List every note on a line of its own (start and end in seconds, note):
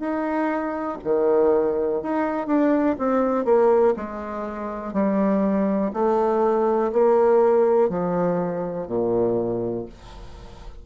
0.00 0.98 D#4
1.04 2.03 D#3
2.03 2.47 D#4
2.47 2.96 D4
2.99 3.45 C4
3.45 3.94 A#3
3.97 4.94 G#3
4.94 5.92 G3
5.93 6.92 A3
6.93 7.90 A#3
7.90 8.88 F3
8.88 9.86 A#2